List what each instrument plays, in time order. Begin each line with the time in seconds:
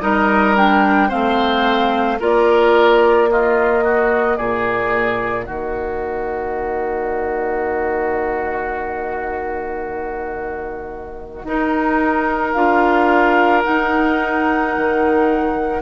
0.00 bassoon G3, clarinet D#4, oboe A#4, flute D#5
0.56 clarinet D4, flute G5
1.08 bassoon A3, clarinet C4, oboe C5, flute F5
2.20 bassoon A#3, clarinet F4, oboe A#4, flute D5
3.27 clarinet A#3, oboe F4, flute D#5
3.84 oboe F#4
4.37 bassoon A#2, oboe G#4, flute D5
5.44 bassoon D#3, oboe F#4, flute D#5
11.44 bassoon D#4, clarinet D#4, oboe A#4
12.52 bassoon D4, clarinet F4, flute F5
13.64 clarinet D#4, bassoon D#4, flute F#5
14.77 bassoon D#3